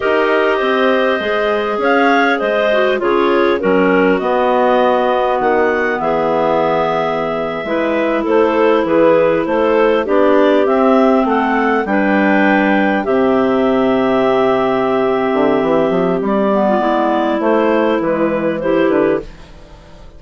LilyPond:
<<
  \new Staff \with { instrumentName = "clarinet" } { \time 4/4 \tempo 4 = 100 dis''2. f''4 | dis''4 cis''4 ais'4 dis''4~ | dis''4 fis''4 e''2~ | e''4.~ e''16 c''4 b'4 c''16~ |
c''8. d''4 e''4 fis''4 g''16~ | g''4.~ g''16 e''2~ e''16~ | e''2. d''4~ | d''4 c''4 b'4 c''8 b'8 | }
  \new Staff \with { instrumentName = "clarinet" } { \time 4/4 ais'4 c''2 cis''4 | c''4 gis'4 fis'2~ | fis'2 gis'2~ | gis'8. b'4 a'4 gis'4 a'16~ |
a'8. g'2 a'4 b'16~ | b'4.~ b'16 g'2~ g'16~ | g'2.~ g'8. f'16 | e'2. g'4 | }
  \new Staff \with { instrumentName = "clarinet" } { \time 4/4 g'2 gis'2~ | gis'8 fis'8 f'4 cis'4 b4~ | b1~ | b8. e'2.~ e'16~ |
e'8. d'4 c'2 d'16~ | d'4.~ d'16 c'2~ c'16~ | c'2.~ c'8 b8~ | b4 a4 gis4 e'4 | }
  \new Staff \with { instrumentName = "bassoon" } { \time 4/4 dis'4 c'4 gis4 cis'4 | gis4 cis4 fis4 b4~ | b4 dis4 e2~ | e8. gis4 a4 e4 a16~ |
a8. b4 c'4 a4 g16~ | g4.~ g16 c2~ c16~ | c4. d8 e8 f8 g4 | gis4 a4 e4. d8 | }
>>